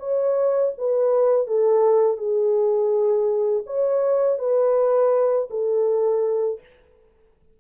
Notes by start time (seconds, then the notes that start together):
0.00 C#5
0.78 B4
1.47 A4
2.18 G#4
3.67 C#5
4.39 B4
5.51 A4